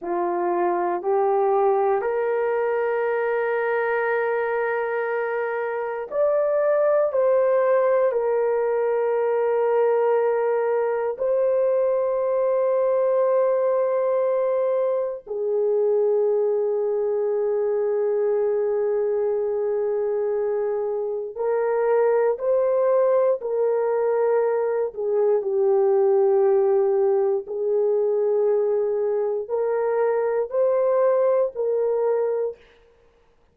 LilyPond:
\new Staff \with { instrumentName = "horn" } { \time 4/4 \tempo 4 = 59 f'4 g'4 ais'2~ | ais'2 d''4 c''4 | ais'2. c''4~ | c''2. gis'4~ |
gis'1~ | gis'4 ais'4 c''4 ais'4~ | ais'8 gis'8 g'2 gis'4~ | gis'4 ais'4 c''4 ais'4 | }